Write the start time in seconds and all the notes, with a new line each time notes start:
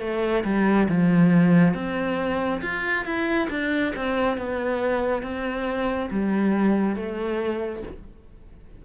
0.00 A3
0.44 G3
0.89 F3
1.74 C4
2.61 F4
3.05 E4
3.49 D4
3.96 C4
4.37 B3
5.22 C4
6.10 G3
6.96 A3